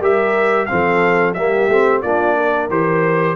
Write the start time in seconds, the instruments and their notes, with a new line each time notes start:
0.00 tuba G3, trombone G4, horn A#4, trumpet E5
0.66 trombone C4, horn A4, trumpet F5
0.73 tuba F3
1.34 tuba G3, trombone A#3, horn G4, trumpet E5
1.69 tuba A3, trombone C4
2.02 tuba A#3, trombone D4, horn F4, trumpet D5
2.37 horn A#4
2.70 tuba E3, trombone G4, trumpet C5